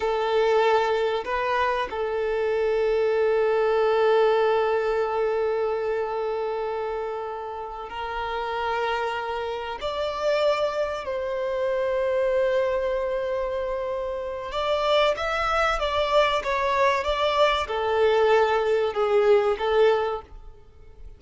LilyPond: \new Staff \with { instrumentName = "violin" } { \time 4/4 \tempo 4 = 95 a'2 b'4 a'4~ | a'1~ | a'1~ | a'8 ais'2. d''8~ |
d''4. c''2~ c''8~ | c''2. d''4 | e''4 d''4 cis''4 d''4 | a'2 gis'4 a'4 | }